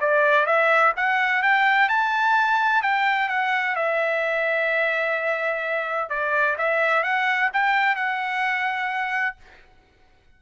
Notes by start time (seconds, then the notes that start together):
0.00 D5
0.46 E5
0.96 F#5
1.42 G5
1.89 A5
2.82 G5
3.29 F#5
3.75 E5
6.09 D5
6.58 E5
7.03 F#5
7.53 G5
7.95 F#5